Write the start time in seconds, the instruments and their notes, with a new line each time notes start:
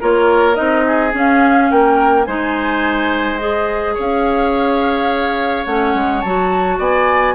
0.00 bassoon A#3, clarinet F4, oboe A#4, flute C#5
0.54 bassoon C4, clarinet D#4, flute D#5
0.86 oboe G#4
1.11 clarinet C#4, bassoon C#4
1.18 flute F5
1.71 bassoon A#3, oboe A#4, flute G5
2.24 bassoon G#3, clarinet D#4, oboe C5, flute G#5
3.37 clarinet G#4, flute D#5
3.94 bassoon C#4, oboe C#5, flute F5
5.66 bassoon A3, clarinet C#4, flute F#5
5.94 bassoon G#3
6.21 bassoon F#3, clarinet F#4, flute A5
6.78 bassoon B3, oboe D5, flute G#5